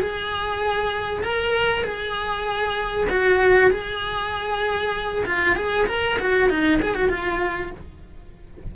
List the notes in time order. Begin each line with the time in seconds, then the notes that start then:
0.00 G#4
1.23 A#4
1.83 G#4
3.09 F#4
3.70 G#4
5.25 F4
5.55 G#4
5.87 A#4
6.19 F#4
6.49 D#4
6.81 G#4
6.95 F#4
7.09 F4